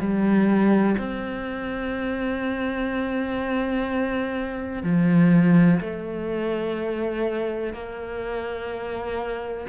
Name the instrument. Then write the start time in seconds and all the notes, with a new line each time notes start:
cello
0.00 G3
0.98 C4
4.83 F3
5.81 A3
7.74 A#3